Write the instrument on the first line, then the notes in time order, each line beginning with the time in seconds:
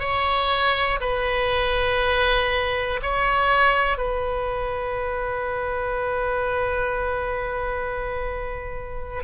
oboe
0.00 C#5
1.01 B4
3.03 C#5
3.98 B4